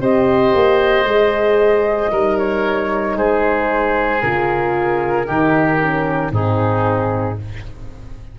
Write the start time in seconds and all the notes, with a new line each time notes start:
0.00 C4 G4 C5 D#5
0.53 A#3
1.04 G#3 G#4
2.11 G3 D#4 A#4
2.38 C#5
3.16 G#3 G#4 C5
4.21 C#3 F4 A#4
5.25 D#3 D#4 G4
5.82 C#4
6.31 G#2 C4 D#4 G#4